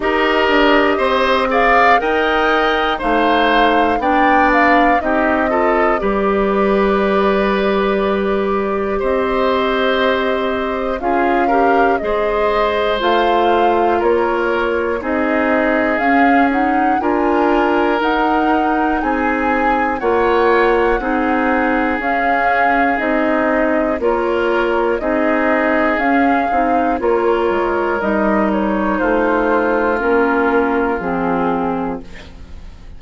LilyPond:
<<
  \new Staff \with { instrumentName = "flute" } { \time 4/4 \tempo 4 = 60 dis''4. f''8 g''4 f''4 | g''8 f''8 dis''4 d''2~ | d''4 dis''2 f''4 | dis''4 f''4 cis''4 dis''4 |
f''8 fis''8 gis''4 fis''4 gis''4 | fis''2 f''4 dis''4 | cis''4 dis''4 f''4 cis''4 | dis''8 cis''8 c''4 ais'4 gis'4 | }
  \new Staff \with { instrumentName = "oboe" } { \time 4/4 ais'4 c''8 d''8 dis''4 c''4 | d''4 g'8 a'8 b'2~ | b'4 c''2 gis'8 ais'8 | c''2 ais'4 gis'4~ |
gis'4 ais'2 gis'4 | cis''4 gis'2. | ais'4 gis'2 ais'4~ | ais'4 f'2. | }
  \new Staff \with { instrumentName = "clarinet" } { \time 4/4 g'4. gis'8 ais'4 dis'4 | d'4 dis'8 f'8 g'2~ | g'2. f'8 g'8 | gis'4 f'2 dis'4 |
cis'8 dis'8 f'4 dis'2 | f'4 dis'4 cis'4 dis'4 | f'4 dis'4 cis'8 dis'8 f'4 | dis'2 cis'4 c'4 | }
  \new Staff \with { instrumentName = "bassoon" } { \time 4/4 dis'8 d'8 c'4 dis'4 a4 | b4 c'4 g2~ | g4 c'2 cis'4 | gis4 a4 ais4 c'4 |
cis'4 d'4 dis'4 c'4 | ais4 c'4 cis'4 c'4 | ais4 c'4 cis'8 c'8 ais8 gis8 | g4 a4 ais4 f4 | }
>>